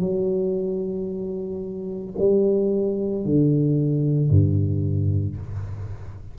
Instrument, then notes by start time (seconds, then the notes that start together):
tuba
0.00 F#3
2.18 G3
3.25 D3
4.30 G2